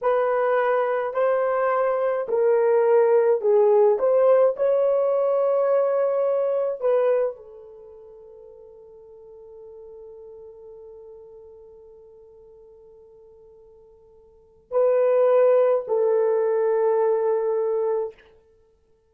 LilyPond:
\new Staff \with { instrumentName = "horn" } { \time 4/4 \tempo 4 = 106 b'2 c''2 | ais'2 gis'4 c''4 | cis''1 | b'4 a'2.~ |
a'1~ | a'1~ | a'2 b'2 | a'1 | }